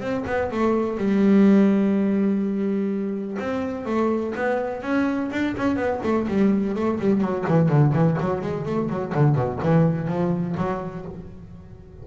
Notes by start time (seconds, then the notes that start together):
0.00 C4
0.27 B3
0.51 A3
0.98 G3
3.39 C4
3.85 A3
4.35 B3
4.82 C#4
5.31 D4
5.57 C#4
5.76 B3
6.03 A3
6.28 G3
6.75 A3
6.99 G3
7.21 F#3
7.48 E3
7.69 D3
7.93 E3
8.20 F#3
8.42 G#3
8.66 A3
8.89 F#3
9.14 D3
9.35 B2
9.63 E3
10.08 F3
10.57 F#3